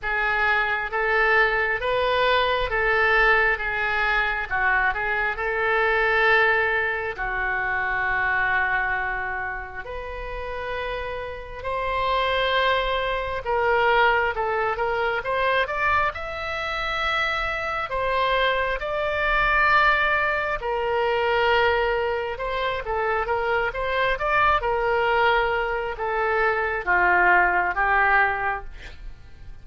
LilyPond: \new Staff \with { instrumentName = "oboe" } { \time 4/4 \tempo 4 = 67 gis'4 a'4 b'4 a'4 | gis'4 fis'8 gis'8 a'2 | fis'2. b'4~ | b'4 c''2 ais'4 |
a'8 ais'8 c''8 d''8 e''2 | c''4 d''2 ais'4~ | ais'4 c''8 a'8 ais'8 c''8 d''8 ais'8~ | ais'4 a'4 f'4 g'4 | }